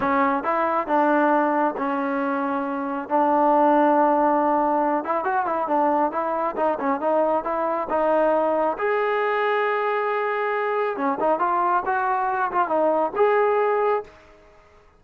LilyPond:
\new Staff \with { instrumentName = "trombone" } { \time 4/4 \tempo 4 = 137 cis'4 e'4 d'2 | cis'2. d'4~ | d'2.~ d'8 e'8 | fis'8 e'8 d'4 e'4 dis'8 cis'8 |
dis'4 e'4 dis'2 | gis'1~ | gis'4 cis'8 dis'8 f'4 fis'4~ | fis'8 f'8 dis'4 gis'2 | }